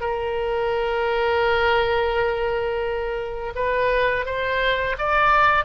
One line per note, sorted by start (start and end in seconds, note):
0.00 3.53 A#4
3.55 4.25 B4
4.25 4.96 C5
4.98 5.64 D5